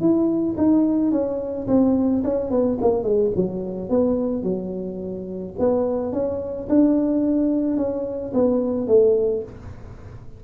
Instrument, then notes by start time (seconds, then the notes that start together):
tuba
0.00 E4
0.57 D#4
1.11 C#4
1.67 C4
2.23 C#4
2.50 B3
2.81 A#3
3.03 G#3
3.36 F#3
3.89 B3
4.43 F#3
5.59 B3
6.12 C#4
6.69 D4
7.77 C#4
8.34 B3
8.87 A3